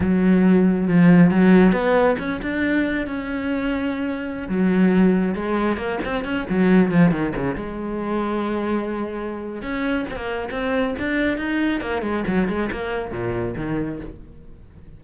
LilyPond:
\new Staff \with { instrumentName = "cello" } { \time 4/4 \tempo 4 = 137 fis2 f4 fis4 | b4 cis'8 d'4. cis'4~ | cis'2~ cis'16 fis4.~ fis16~ | fis16 gis4 ais8 c'8 cis'8 fis4 f16~ |
f16 dis8 cis8 gis2~ gis8.~ | gis2 cis'4 c'16 ais8. | c'4 d'4 dis'4 ais8 gis8 | fis8 gis8 ais4 ais,4 dis4 | }